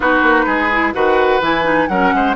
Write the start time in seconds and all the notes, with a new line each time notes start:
0.00 B3 D#4 F#4 B4
0.22 A#3
0.46 G#3 G#4
0.71 E4
0.93 D#3 F#4 B4 F#5
1.40 E3 E4 G#5
1.64 D#4
1.87 F#3 C#4 A#4 F#5
2.13 G#3 C5